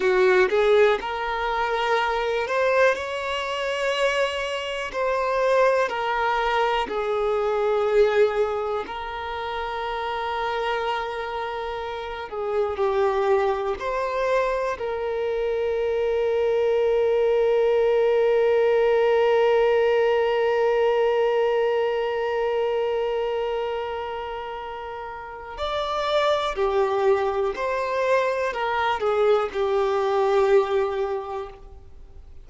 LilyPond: \new Staff \with { instrumentName = "violin" } { \time 4/4 \tempo 4 = 61 fis'8 gis'8 ais'4. c''8 cis''4~ | cis''4 c''4 ais'4 gis'4~ | gis'4 ais'2.~ | ais'8 gis'8 g'4 c''4 ais'4~ |
ais'1~ | ais'1~ | ais'2 d''4 g'4 | c''4 ais'8 gis'8 g'2 | }